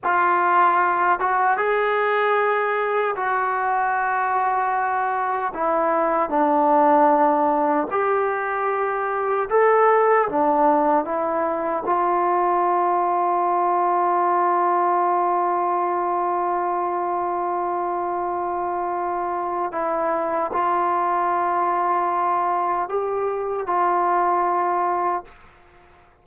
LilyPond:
\new Staff \with { instrumentName = "trombone" } { \time 4/4 \tempo 4 = 76 f'4. fis'8 gis'2 | fis'2. e'4 | d'2 g'2 | a'4 d'4 e'4 f'4~ |
f'1~ | f'1~ | f'4 e'4 f'2~ | f'4 g'4 f'2 | }